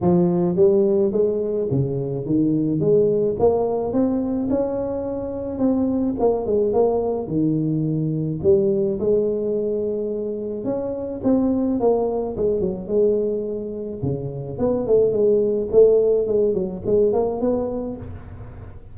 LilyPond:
\new Staff \with { instrumentName = "tuba" } { \time 4/4 \tempo 4 = 107 f4 g4 gis4 cis4 | dis4 gis4 ais4 c'4 | cis'2 c'4 ais8 gis8 | ais4 dis2 g4 |
gis2. cis'4 | c'4 ais4 gis8 fis8 gis4~ | gis4 cis4 b8 a8 gis4 | a4 gis8 fis8 gis8 ais8 b4 | }